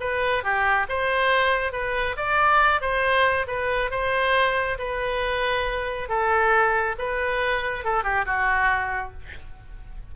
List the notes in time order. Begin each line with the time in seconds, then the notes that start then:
0.00 B4
0.43 G4
0.89 C5
1.72 B4
2.17 D5
2.81 C5
3.47 B4
3.91 C5
4.78 B4
6.09 A4
6.98 B4
7.84 A4
8.04 G4
8.26 F#4